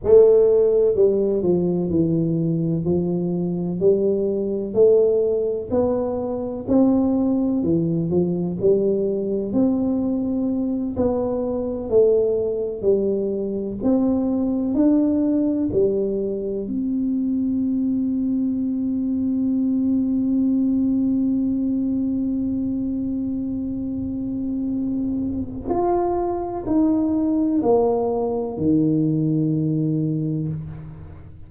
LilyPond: \new Staff \with { instrumentName = "tuba" } { \time 4/4 \tempo 4 = 63 a4 g8 f8 e4 f4 | g4 a4 b4 c'4 | e8 f8 g4 c'4. b8~ | b8 a4 g4 c'4 d'8~ |
d'8 g4 c'2~ c'8~ | c'1~ | c'2. f'4 | dis'4 ais4 dis2 | }